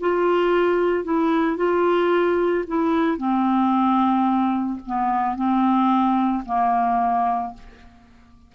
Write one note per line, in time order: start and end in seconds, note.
0.00 1.04 F4
1.04 1.56 E4
1.56 2.64 F4
2.67 3.17 E4
3.17 4.79 C4
4.86 5.35 B3
5.35 6.43 C4
6.45 7.53 A#3